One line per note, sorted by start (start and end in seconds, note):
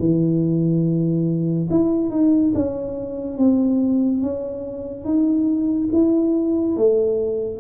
0.00 1.69 E3
1.71 2.11 E4
2.11 2.53 D#4
2.55 3.38 C#4
3.38 4.22 C4
4.22 5.05 C#4
5.05 5.90 D#4
5.92 6.77 E4
6.77 7.61 A3